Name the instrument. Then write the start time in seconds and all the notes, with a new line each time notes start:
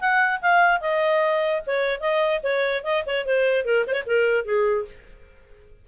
clarinet
0.00 F#5
0.41 F5
0.80 D#5
1.67 C#5
2.00 D#5
2.43 C#5
2.84 D#5
3.06 C#5
3.26 C5
3.65 A#4
3.87 C5
3.93 C#5
4.06 A#4
4.45 G#4